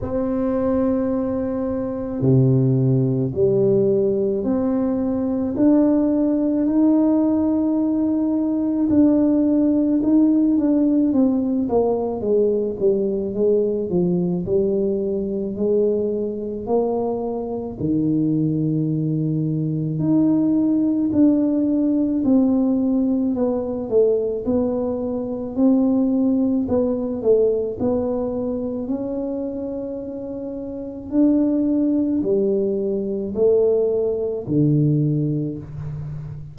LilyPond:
\new Staff \with { instrumentName = "tuba" } { \time 4/4 \tempo 4 = 54 c'2 c4 g4 | c'4 d'4 dis'2 | d'4 dis'8 d'8 c'8 ais8 gis8 g8 | gis8 f8 g4 gis4 ais4 |
dis2 dis'4 d'4 | c'4 b8 a8 b4 c'4 | b8 a8 b4 cis'2 | d'4 g4 a4 d4 | }